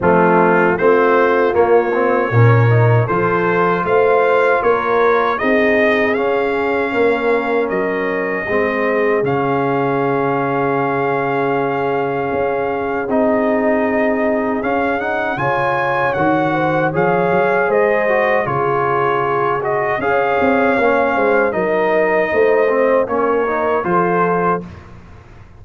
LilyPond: <<
  \new Staff \with { instrumentName = "trumpet" } { \time 4/4 \tempo 4 = 78 f'4 c''4 cis''2 | c''4 f''4 cis''4 dis''4 | f''2 dis''2 | f''1~ |
f''4 dis''2 f''8 fis''8 | gis''4 fis''4 f''4 dis''4 | cis''4. dis''8 f''2 | dis''2 cis''4 c''4 | }
  \new Staff \with { instrumentName = "horn" } { \time 4/4 c'4 f'2 ais'4 | a'4 c''4 ais'4 gis'4~ | gis'4 ais'2 gis'4~ | gis'1~ |
gis'1 | cis''4. c''8 cis''4 c''4 | gis'2 cis''4. c''8 | ais'4 c''4 ais'4 a'4 | }
  \new Staff \with { instrumentName = "trombone" } { \time 4/4 a4 c'4 ais8 c'8 cis'8 dis'8 | f'2. dis'4 | cis'2. c'4 | cis'1~ |
cis'4 dis'2 cis'8 dis'8 | f'4 fis'4 gis'4. fis'8 | f'4. fis'8 gis'4 cis'4 | dis'4. c'8 cis'8 dis'8 f'4 | }
  \new Staff \with { instrumentName = "tuba" } { \time 4/4 f4 a4 ais4 ais,4 | f4 a4 ais4 c'4 | cis'4 ais4 fis4 gis4 | cis1 |
cis'4 c'2 cis'4 | cis4 dis4 f8 fis8 gis4 | cis2 cis'8 c'8 ais8 gis8 | fis4 a4 ais4 f4 | }
>>